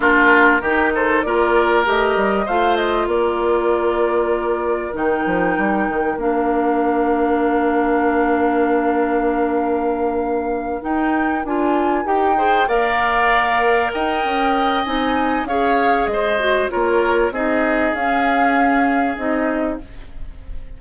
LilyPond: <<
  \new Staff \with { instrumentName = "flute" } { \time 4/4 \tempo 4 = 97 ais'4. c''8 d''4 dis''4 | f''8 dis''8 d''2. | g''2 f''2~ | f''1~ |
f''4. g''4 gis''4 g''8~ | g''8 f''2 g''4. | gis''4 f''4 dis''4 cis''4 | dis''4 f''2 dis''4 | }
  \new Staff \with { instrumentName = "oboe" } { \time 4/4 f'4 g'8 a'8 ais'2 | c''4 ais'2.~ | ais'1~ | ais'1~ |
ais'1 | c''8 d''2 dis''4.~ | dis''4 cis''4 c''4 ais'4 | gis'1 | }
  \new Staff \with { instrumentName = "clarinet" } { \time 4/4 d'4 dis'4 f'4 g'4 | f'1 | dis'2 d'2~ | d'1~ |
d'4. dis'4 f'4 g'8 | gis'8 ais'2.~ ais'8 | dis'4 gis'4. fis'8 f'4 | dis'4 cis'2 dis'4 | }
  \new Staff \with { instrumentName = "bassoon" } { \time 4/4 ais4 dis4 ais4 a8 g8 | a4 ais2. | dis8 f8 g8 dis8 ais2~ | ais1~ |
ais4. dis'4 d'4 dis'8~ | dis'8 ais2 dis'8 cis'4 | c'4 cis'4 gis4 ais4 | c'4 cis'2 c'4 | }
>>